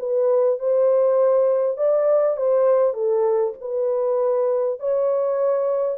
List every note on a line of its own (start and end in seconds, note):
0.00 0.59 B4
0.59 1.78 C5
1.78 2.37 D5
2.37 2.94 C5
2.94 3.54 A4
3.61 4.80 B4
4.80 5.98 C#5